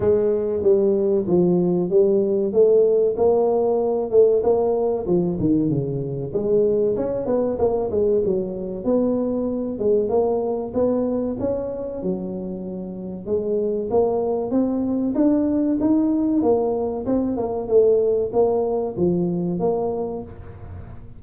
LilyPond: \new Staff \with { instrumentName = "tuba" } { \time 4/4 \tempo 4 = 95 gis4 g4 f4 g4 | a4 ais4. a8 ais4 | f8 dis8 cis4 gis4 cis'8 b8 | ais8 gis8 fis4 b4. gis8 |
ais4 b4 cis'4 fis4~ | fis4 gis4 ais4 c'4 | d'4 dis'4 ais4 c'8 ais8 | a4 ais4 f4 ais4 | }